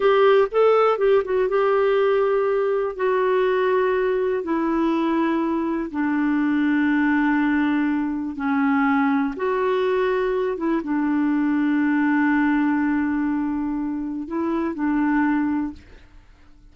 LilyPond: \new Staff \with { instrumentName = "clarinet" } { \time 4/4 \tempo 4 = 122 g'4 a'4 g'8 fis'8 g'4~ | g'2 fis'2~ | fis'4 e'2. | d'1~ |
d'4 cis'2 fis'4~ | fis'4. e'8 d'2~ | d'1~ | d'4 e'4 d'2 | }